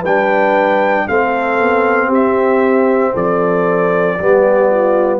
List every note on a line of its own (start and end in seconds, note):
0.00 1.07 G3
0.00 1.03 B4
0.00 1.08 G5
0.07 1.08 D4
1.08 1.60 A3
1.08 4.19 C4
1.08 2.08 A4
1.08 2.11 F5
1.60 2.09 B3
2.08 3.13 C4
2.08 3.12 G4
2.14 3.16 E5
3.14 4.19 F3
3.14 4.17 A4
3.14 5.20 D5
4.18 5.20 G3
4.18 5.20 B3
4.18 4.70 G4
4.70 5.20 F4